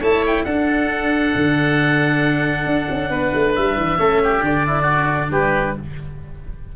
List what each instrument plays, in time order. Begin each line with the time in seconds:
0.00 tuba A3, cello E4, oboe C#5 A5
0.27 oboe G5
0.44 tuba D4, cello D4, oboe A4 F#5
1.36 tuba D3
2.66 tuba D4
2.90 tuba C#4
3.10 tuba B3, oboe B4
3.34 tuba A3
3.56 tuba G3, oboe E5
3.77 tuba E3
3.98 tuba A3, cello C#4, oboe A4
4.23 oboe G4
4.39 tuba D3, cello D4
4.45 oboe D5
4.66 oboe E4
4.82 oboe F#4
5.31 tuba G3, oboe G4 B4